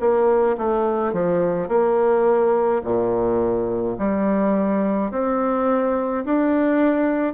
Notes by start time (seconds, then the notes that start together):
0.00 A#3
0.58 A3
1.13 F3
1.69 A#3
2.84 A#2
3.98 G3
5.11 C4
6.26 D4